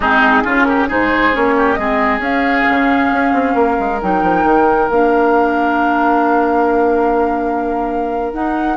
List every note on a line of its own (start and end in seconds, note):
0.00 0.42 G#3
0.00 0.44 C4
0.00 0.43 D#4
0.00 0.63 G#4
0.44 0.90 C#3
0.44 0.88 C#4
0.44 0.66 F4
0.63 0.87 G4
0.63 0.85 A#4
0.87 1.34 G#2
0.87 1.32 D#4
0.87 1.54 G#4
0.87 1.35 C5
1.32 1.78 A#3
1.32 1.77 C#4
1.32 1.74 C#5
1.57 1.79 G4
1.74 2.18 G#3
1.74 2.20 C4
1.74 3.54 G#4
1.74 2.18 D#5
2.18 2.63 C#4
2.18 3.98 C#4
2.18 4.00 F5
2.69 3.11 C#3
3.11 3.33 C#4
3.33 3.54 C4
3.54 3.77 A#3
3.54 8.76 A#4
3.79 4.01 G#3
4.01 4.22 F#3
4.01 4.90 D#4
4.01 4.88 G5
4.22 4.43 F3
4.43 4.88 D#3
4.88 8.33 A#3
4.88 8.33 D4
4.88 8.33 F5
8.33 8.76 D#4
8.33 8.76 F#5